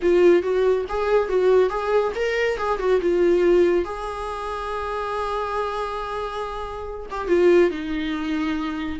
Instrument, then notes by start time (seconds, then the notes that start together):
viola
0.01 F4
0.42 F#4
0.89 G#4
1.28 F#4
1.69 G#4
2.15 A#4
2.57 G#4
2.79 F#4
3.01 F4
3.85 G#4
7.10 G4
7.27 F4
7.70 D#4